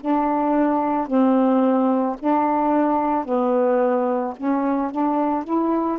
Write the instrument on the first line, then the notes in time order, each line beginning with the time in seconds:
saxophone
0.00 D4
1.07 C4
2.19 D4
3.24 B3
4.36 C#4
4.91 D4
5.43 E4